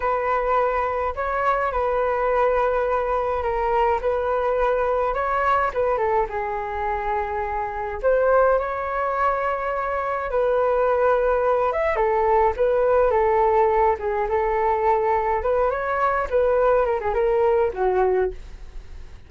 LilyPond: \new Staff \with { instrumentName = "flute" } { \time 4/4 \tempo 4 = 105 b'2 cis''4 b'4~ | b'2 ais'4 b'4~ | b'4 cis''4 b'8 a'8 gis'4~ | gis'2 c''4 cis''4~ |
cis''2 b'2~ | b'8 e''8 a'4 b'4 a'4~ | a'8 gis'8 a'2 b'8 cis''8~ | cis''8 b'4 ais'16 gis'16 ais'4 fis'4 | }